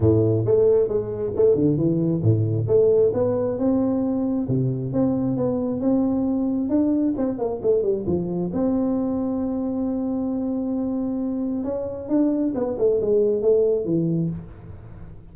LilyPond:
\new Staff \with { instrumentName = "tuba" } { \time 4/4 \tempo 4 = 134 a,4 a4 gis4 a8 d8 | e4 a,4 a4 b4 | c'2 c4 c'4 | b4 c'2 d'4 |
c'8 ais8 a8 g8 f4 c'4~ | c'1~ | c'2 cis'4 d'4 | b8 a8 gis4 a4 e4 | }